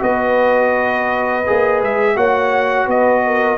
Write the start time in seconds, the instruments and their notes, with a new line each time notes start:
0.00 tuba B3, trombone F#4, horn B4, trumpet D#5
1.47 tuba A#3, trombone G#4
1.82 tuba G#3, trumpet E5
2.16 tuba A#3, trombone F#4, horn C#5, trumpet F#5
2.86 tuba B3, horn B4, trumpet D#5
3.26 horn A#4